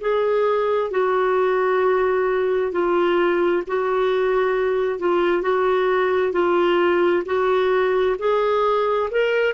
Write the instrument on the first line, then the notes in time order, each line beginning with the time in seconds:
clarinet
0.00 G#4
0.91 F#4
2.72 F4
3.67 F#4
4.99 F4
5.42 F#4
6.32 F4
7.26 F#4
8.19 G#4
9.11 A#4